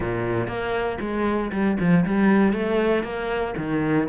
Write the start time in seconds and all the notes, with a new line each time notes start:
0.00 A#2
0.47 A#3
1.00 G#3
1.52 G3
1.79 F3
2.06 G3
2.52 A3
3.03 A#3
3.57 D#3